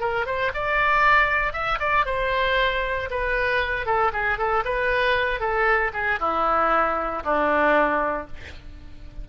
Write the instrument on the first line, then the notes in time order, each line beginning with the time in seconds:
oboe
0.00 A#4
0.26 C5
0.54 D5
1.53 E5
1.80 D5
2.05 C5
3.10 B4
3.86 A4
4.13 G#4
4.38 A4
4.65 B4
5.40 A4
5.93 G#4
6.20 E4
7.24 D4